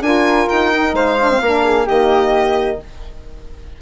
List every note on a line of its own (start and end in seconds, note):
0.00 0.46 D4
0.00 0.72 F4
0.00 0.94 A#4
0.00 0.48 G#5
0.48 0.93 D#4
0.48 0.94 G5
0.72 1.18 D#4
0.93 1.39 G#3
0.93 1.41 C5
0.93 1.87 F5
1.20 1.31 D4
1.31 1.42 C4
1.41 1.87 A#3
1.41 1.86 D4
1.41 1.63 A#4
1.63 1.85 G#4
1.85 2.81 D#3
1.85 2.78 A#3
1.85 2.78 G4
1.85 2.80 D#5